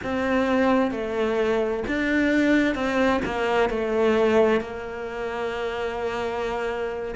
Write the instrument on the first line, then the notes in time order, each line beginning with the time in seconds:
cello
0.03 C4
0.91 A3
1.87 D4
2.74 C4
3.25 A#3
3.69 A3
4.61 A#3